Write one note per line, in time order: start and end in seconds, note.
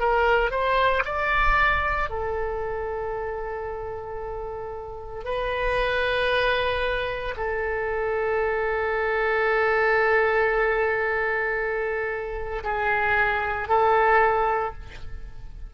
0.00 0.51 A#4
0.51 1.04 C5
1.05 2.10 D5
2.10 5.25 A4
5.25 7.35 B4
7.37 12.64 A4
12.64 13.69 G#4
13.69 14.74 A4